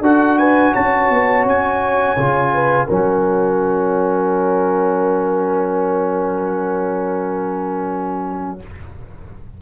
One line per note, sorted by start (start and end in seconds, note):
0.00 0.71 D4
0.00 2.17 F#4
0.00 0.38 A4
0.00 0.38 F#5
0.38 0.73 B4
0.38 0.74 G#5
0.73 1.09 C#4
0.73 2.51 C#5
0.73 1.45 A5
1.09 1.45 B3
1.45 2.16 C#4
1.45 2.88 G#5
2.16 2.88 C#3
2.16 2.87 F4
2.53 2.87 B4
2.87 8.61 F#3
2.87 8.59 C#4
2.87 8.58 A#4
2.87 8.60 F#5